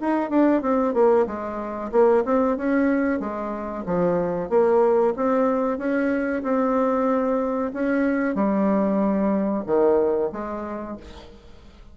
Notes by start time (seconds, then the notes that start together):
0.00 D#4
0.30 D4
0.61 C4
0.94 A#3
1.26 G#3
1.91 A#3
2.25 C4
2.57 C#4
3.19 G#3
3.86 F3
4.49 A#3
5.16 C4
5.78 C#4
6.43 C4
7.73 C#4
8.35 G3
9.66 D#3
10.32 G#3